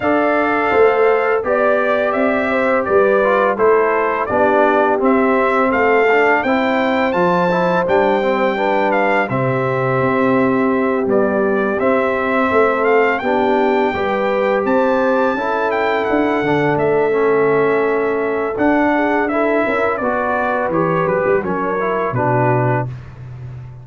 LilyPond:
<<
  \new Staff \with { instrumentName = "trumpet" } { \time 4/4 \tempo 4 = 84 f''2 d''4 e''4 | d''4 c''4 d''4 e''4 | f''4 g''4 a''4 g''4~ | g''8 f''8 e''2~ e''8 d''8~ |
d''8 e''4. f''8 g''4.~ | g''8 a''4. g''8 fis''4 e''8~ | e''2 fis''4 e''4 | d''4 cis''8 b'8 cis''4 b'4 | }
  \new Staff \with { instrumentName = "horn" } { \time 4/4 d''4 c''4 d''4. c''8 | b'4 a'4 g'2 | a'4 c''2. | b'4 g'2.~ |
g'4. a'4 g'4 b'8~ | b'8 c''4 a'2~ a'8~ | a'2~ a'8 gis'8 a'8 ais'8 | b'2 ais'4 fis'4 | }
  \new Staff \with { instrumentName = "trombone" } { \time 4/4 a'2 g'2~ | g'8 f'8 e'4 d'4 c'4~ | c'8 d'8 e'4 f'8 e'8 d'8 c'8 | d'4 c'2~ c'8 g8~ |
g8 c'2 d'4 g'8~ | g'4. e'4. d'4 | cis'2 d'4 e'4 | fis'4 g'4 cis'8 e'8 d'4 | }
  \new Staff \with { instrumentName = "tuba" } { \time 4/4 d'4 a4 b4 c'4 | g4 a4 b4 c'4 | a4 c'4 f4 g4~ | g4 c4 c'4. b8~ |
b8 c'4 a4 b4 g8~ | g8 c'4 cis'4 d'8 d8 a8~ | a2 d'4. cis'8 | b4 e8 fis16 g16 fis4 b,4 | }
>>